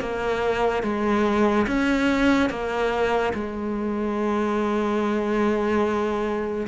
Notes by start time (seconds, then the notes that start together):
0.00 A#3
0.83 G#3
1.67 C#4
2.49 A#3
3.33 G#3